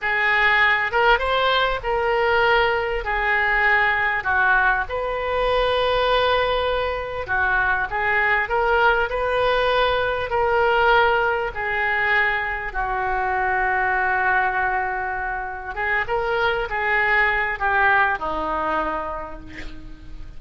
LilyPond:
\new Staff \with { instrumentName = "oboe" } { \time 4/4 \tempo 4 = 99 gis'4. ais'8 c''4 ais'4~ | ais'4 gis'2 fis'4 | b'1 | fis'4 gis'4 ais'4 b'4~ |
b'4 ais'2 gis'4~ | gis'4 fis'2.~ | fis'2 gis'8 ais'4 gis'8~ | gis'4 g'4 dis'2 | }